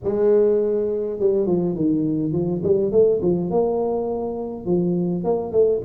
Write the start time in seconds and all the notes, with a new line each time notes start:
0.03 G#3
1.19 G3
1.46 F3
1.75 D#3
2.32 F3
2.63 G3
2.91 A3
3.22 F3
3.50 A#3
4.65 F3
5.23 A#3
5.52 A3